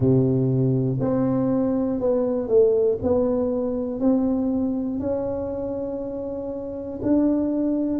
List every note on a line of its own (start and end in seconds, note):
0.00 0.99 C3
1.00 2.00 C4
2.00 2.48 B3
2.48 2.98 A3
3.02 4.00 B3
4.00 4.99 C4
4.99 6.99 C#4
7.02 8.00 D4